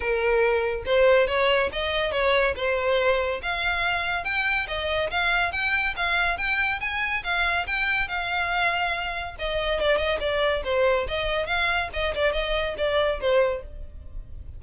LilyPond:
\new Staff \with { instrumentName = "violin" } { \time 4/4 \tempo 4 = 141 ais'2 c''4 cis''4 | dis''4 cis''4 c''2 | f''2 g''4 dis''4 | f''4 g''4 f''4 g''4 |
gis''4 f''4 g''4 f''4~ | f''2 dis''4 d''8 dis''8 | d''4 c''4 dis''4 f''4 | dis''8 d''8 dis''4 d''4 c''4 | }